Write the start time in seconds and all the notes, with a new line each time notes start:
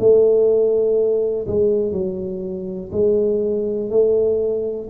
0.00 A3
1.48 G#3
1.93 F#3
2.92 G#3
3.90 A3